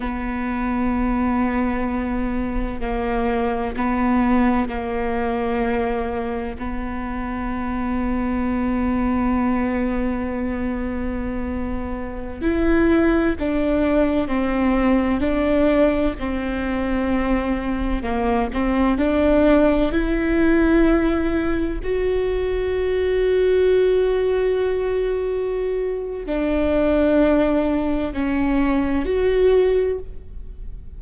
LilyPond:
\new Staff \with { instrumentName = "viola" } { \time 4/4 \tempo 4 = 64 b2. ais4 | b4 ais2 b4~ | b1~ | b4~ b16 e'4 d'4 c'8.~ |
c'16 d'4 c'2 ais8 c'16~ | c'16 d'4 e'2 fis'8.~ | fis'1 | d'2 cis'4 fis'4 | }